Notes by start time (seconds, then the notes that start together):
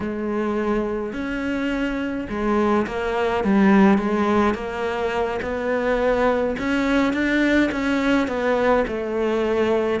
0.00 G#3
1.12 C#4
2.29 G#3
2.86 A#3
3.44 G3
3.98 G#3
4.54 A#3
5.41 B3
6.58 C#4
7.13 D4
7.71 C#4
8.27 B3
8.87 A3